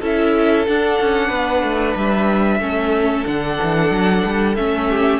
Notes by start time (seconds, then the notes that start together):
0.00 C#4 E4 A4 E5
0.67 D4 F#5
1.01 C#4
1.28 B3 B4
1.63 A3
1.96 G3 E5
2.60 A3 C#4 A4
3.26 D3 D4 F#5
3.63 E3
3.91 F#3
4.26 G3
4.56 A3 C#4 E5
4.90 G4